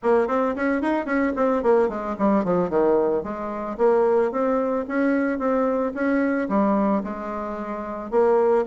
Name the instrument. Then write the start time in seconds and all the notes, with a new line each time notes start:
bassoon
0.03 A#3
0.27 C4
0.55 C#4
0.81 D#4
1.05 C#4
1.36 C4
1.62 A#3
1.88 G#3
2.18 G3
2.44 F3
2.69 D#3
3.23 G#3
3.77 A#3
4.31 C4
4.88 C#4
5.38 C4
5.94 C#4
6.48 G3
7.03 G#3
8.11 A#3